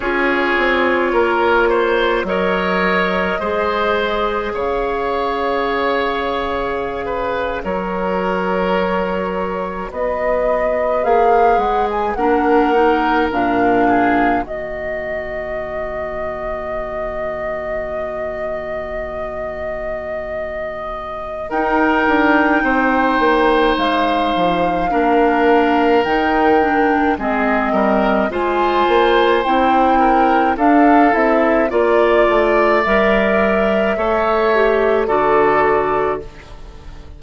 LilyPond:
<<
  \new Staff \with { instrumentName = "flute" } { \time 4/4 \tempo 4 = 53 cis''2 dis''2 | f''2~ f''8. cis''4~ cis''16~ | cis''8. dis''4 f''8 fis''16 gis''16 fis''4 f''16~ | f''8. dis''2.~ dis''16~ |
dis''2. g''4~ | g''4 f''2 g''4 | dis''4 gis''4 g''4 f''8 e''8 | d''4 e''2 d''4 | }
  \new Staff \with { instrumentName = "oboe" } { \time 4/4 gis'4 ais'8 c''8 cis''4 c''4 | cis''2~ cis''16 b'8 ais'4~ ais'16~ | ais'8. b'2 ais'4~ ais'16~ | ais'16 gis'8 fis'2.~ fis'16~ |
fis'2. ais'4 | c''2 ais'2 | gis'8 ais'8 c''4. ais'8 a'4 | d''2 cis''4 a'4 | }
  \new Staff \with { instrumentName = "clarinet" } { \time 4/4 f'2 ais'4 gis'4~ | gis'2~ gis'8. fis'4~ fis'16~ | fis'4.~ fis'16 gis'4 d'8 dis'8 d'16~ | d'8. ais2.~ ais16~ |
ais2. dis'4~ | dis'2 d'4 dis'8 d'8 | c'4 f'4 e'4 d'8 e'8 | f'4 ais'4 a'8 g'8 fis'4 | }
  \new Staff \with { instrumentName = "bassoon" } { \time 4/4 cis'8 c'8 ais4 fis4 gis4 | cis2~ cis8. fis4~ fis16~ | fis8. b4 ais8 gis8 ais4 ais,16~ | ais,8. dis2.~ dis16~ |
dis2. dis'8 d'8 | c'8 ais8 gis8 f8 ais4 dis4 | gis8 g8 gis8 ais8 c'4 d'8 c'8 | ais8 a8 g4 a4 d4 | }
>>